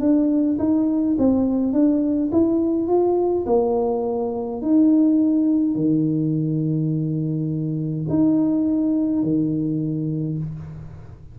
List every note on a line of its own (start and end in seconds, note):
0.00 0.58 D4
0.59 1.16 D#4
1.18 1.73 C4
1.73 2.30 D4
2.32 2.87 E4
2.87 3.45 F4
3.46 4.62 A#3
4.62 5.75 D#4
5.75 8.06 D#3
8.09 9.23 D#4
9.23 10.38 D#3